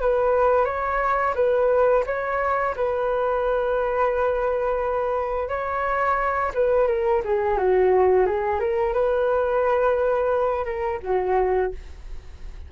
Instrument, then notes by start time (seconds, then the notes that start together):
flute
0.00 B4
0.65 C#5
1.35 B4
2.06 C#5
2.75 B4
5.48 C#5
6.54 B4
6.87 A#4
7.24 G#4
7.57 F#4
8.26 G#4
8.59 A#4
8.93 B4
10.65 A#4
11.03 F#4